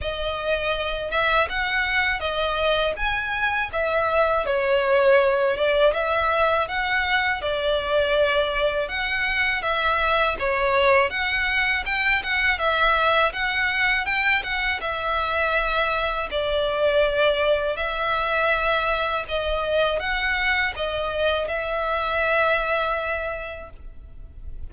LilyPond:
\new Staff \with { instrumentName = "violin" } { \time 4/4 \tempo 4 = 81 dis''4. e''8 fis''4 dis''4 | gis''4 e''4 cis''4. d''8 | e''4 fis''4 d''2 | fis''4 e''4 cis''4 fis''4 |
g''8 fis''8 e''4 fis''4 g''8 fis''8 | e''2 d''2 | e''2 dis''4 fis''4 | dis''4 e''2. | }